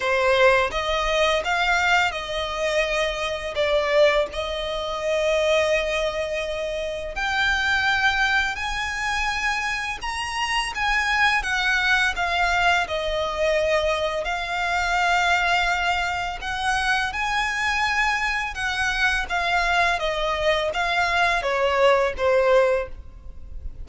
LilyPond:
\new Staff \with { instrumentName = "violin" } { \time 4/4 \tempo 4 = 84 c''4 dis''4 f''4 dis''4~ | dis''4 d''4 dis''2~ | dis''2 g''2 | gis''2 ais''4 gis''4 |
fis''4 f''4 dis''2 | f''2. fis''4 | gis''2 fis''4 f''4 | dis''4 f''4 cis''4 c''4 | }